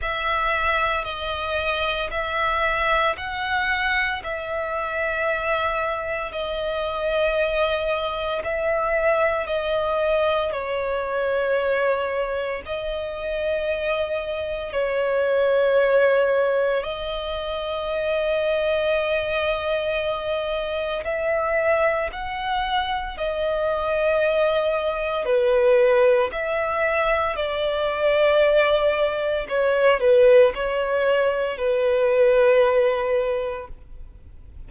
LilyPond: \new Staff \with { instrumentName = "violin" } { \time 4/4 \tempo 4 = 57 e''4 dis''4 e''4 fis''4 | e''2 dis''2 | e''4 dis''4 cis''2 | dis''2 cis''2 |
dis''1 | e''4 fis''4 dis''2 | b'4 e''4 d''2 | cis''8 b'8 cis''4 b'2 | }